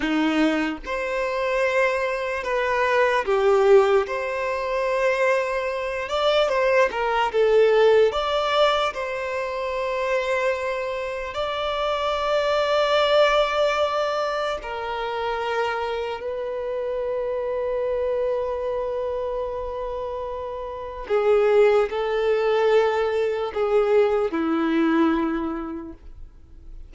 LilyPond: \new Staff \with { instrumentName = "violin" } { \time 4/4 \tempo 4 = 74 dis'4 c''2 b'4 | g'4 c''2~ c''8 d''8 | c''8 ais'8 a'4 d''4 c''4~ | c''2 d''2~ |
d''2 ais'2 | b'1~ | b'2 gis'4 a'4~ | a'4 gis'4 e'2 | }